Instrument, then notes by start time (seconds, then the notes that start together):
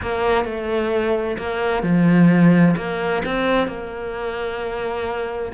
cello
0.02 A#3
0.44 A3
1.38 A#3
1.83 F3
2.76 A#3
3.25 C4
3.67 A#3